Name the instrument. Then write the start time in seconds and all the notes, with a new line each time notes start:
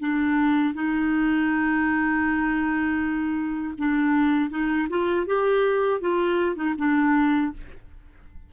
clarinet
0.00 D4
0.74 D#4
3.78 D4
4.50 D#4
4.90 F4
5.27 G4
6.00 F4
6.56 D#4
6.78 D4